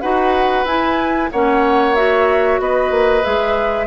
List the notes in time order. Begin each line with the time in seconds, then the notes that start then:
0.00 D#4 F#4 B4 F#5
0.64 E4 G#5
1.31 A#3 C#4 C#5 F#5
1.95 F#4 E5
2.59 B3 B4 D#5
2.90 A#3
3.22 G#3 G#4 E5